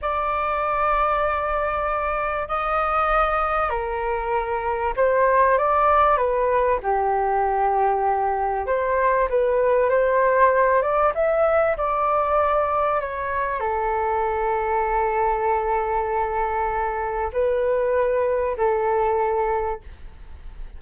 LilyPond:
\new Staff \with { instrumentName = "flute" } { \time 4/4 \tempo 4 = 97 d''1 | dis''2 ais'2 | c''4 d''4 b'4 g'4~ | g'2 c''4 b'4 |
c''4. d''8 e''4 d''4~ | d''4 cis''4 a'2~ | a'1 | b'2 a'2 | }